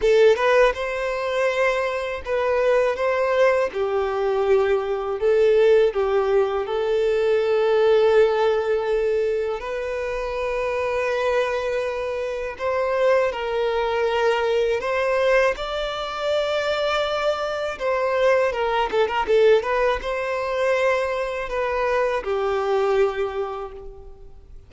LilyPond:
\new Staff \with { instrumentName = "violin" } { \time 4/4 \tempo 4 = 81 a'8 b'8 c''2 b'4 | c''4 g'2 a'4 | g'4 a'2.~ | a'4 b'2.~ |
b'4 c''4 ais'2 | c''4 d''2. | c''4 ais'8 a'16 ais'16 a'8 b'8 c''4~ | c''4 b'4 g'2 | }